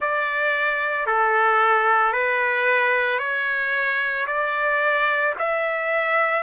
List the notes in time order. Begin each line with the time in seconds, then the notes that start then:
0.00 D5
1.06 A4
2.12 B4
3.19 C#5
4.26 D5
5.39 E5